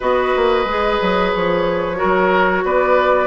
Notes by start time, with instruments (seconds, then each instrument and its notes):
0.00 bassoon B3, clarinet F#4, oboe B4, flute D#5
0.36 bassoon A#3
0.65 bassoon G#3, clarinet G#4
1.01 bassoon F#3
1.33 bassoon F3, flute C#5
1.95 clarinet F#4, oboe A#4
2.03 bassoon F#3
2.64 bassoon B3, oboe B4, flute D5